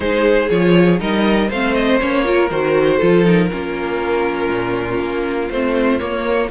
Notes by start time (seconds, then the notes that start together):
0.00 G#3 D#4 G#4 C5
0.49 F3 F4 C#5
0.98 G3 D#4 A#4 D#5
1.49 A3 C4 C5 F5
1.74 D#5
1.99 A#3 C#4 C#5
2.24 F4 A#4
2.50 D#3 F#4 C5
2.96 F3 F4 A4
3.24 D#4 A#4
3.50 A#3 C#4 F4
4.49 A#2
4.99 A#3
5.50 A3 C4 C5
5.99 A#3 C#5